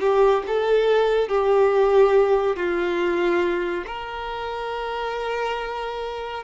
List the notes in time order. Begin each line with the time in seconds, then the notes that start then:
0.00 G4
0.46 A4
1.28 G4
2.56 F4
3.86 A#4